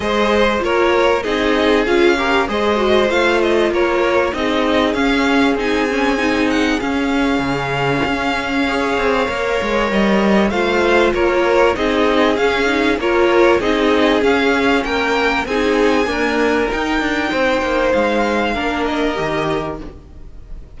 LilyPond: <<
  \new Staff \with { instrumentName = "violin" } { \time 4/4 \tempo 4 = 97 dis''4 cis''4 dis''4 f''4 | dis''4 f''8 dis''8 cis''4 dis''4 | f''4 gis''4. fis''8 f''4~ | f''1 |
dis''4 f''4 cis''4 dis''4 | f''4 cis''4 dis''4 f''4 | g''4 gis''2 g''4~ | g''4 f''4. dis''4. | }
  \new Staff \with { instrumentName = "violin" } { \time 4/4 c''4 ais'4 gis'4. ais'8 | c''2 ais'4 gis'4~ | gis'1~ | gis'2 cis''2~ |
cis''4 c''4 ais'4 gis'4~ | gis'4 ais'4 gis'2 | ais'4 gis'4 ais'2 | c''2 ais'2 | }
  \new Staff \with { instrumentName = "viola" } { \time 4/4 gis'4 f'4 dis'4 f'8 g'8 | gis'8 fis'8 f'2 dis'4 | cis'4 dis'8 cis'8 dis'4 cis'4~ | cis'2 gis'4 ais'4~ |
ais'4 f'2 dis'4 | cis'8 dis'8 f'4 dis'4 cis'4~ | cis'4 dis'4 ais4 dis'4~ | dis'2 d'4 g'4 | }
  \new Staff \with { instrumentName = "cello" } { \time 4/4 gis4 ais4 c'4 cis'4 | gis4 a4 ais4 c'4 | cis'4 c'2 cis'4 | cis4 cis'4. c'8 ais8 gis8 |
g4 a4 ais4 c'4 | cis'4 ais4 c'4 cis'4 | ais4 c'4 d'4 dis'8 d'8 | c'8 ais8 gis4 ais4 dis4 | }
>>